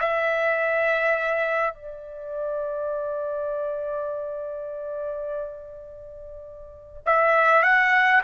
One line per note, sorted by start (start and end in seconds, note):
0.00 1.74 E5
1.74 7.03 D5
7.06 7.63 E5
7.63 8.21 F#5